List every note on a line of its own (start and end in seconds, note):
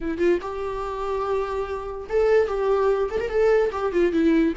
0.00 0.18 E4
0.18 0.38 F4
0.41 2.07 G4
2.09 2.47 A4
2.47 3.09 G4
3.11 3.20 A4
3.20 3.29 A#4
3.29 3.70 A4
3.72 3.92 G4
3.92 4.12 F4
4.12 4.53 E4